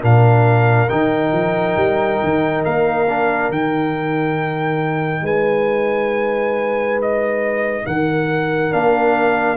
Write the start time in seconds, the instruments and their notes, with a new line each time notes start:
0.00 tuba A#2, trombone D4, horn A#4, trumpet F5
0.89 tuba D#3, trombone D#4, trumpet G5
1.32 tuba F3
1.76 tuba G3
2.23 tuba D#3
2.64 tuba A#3, trumpet F5
3.09 trombone D4
3.49 tuba D#3, trombone D#4, trumpet G5
5.22 tuba G#3, horn B4, trumpet G#5
7.01 trumpet D#5
7.86 tuba D#3, horn A#4, trumpet F#5
8.70 tuba A#3, trombone D4, trumpet F5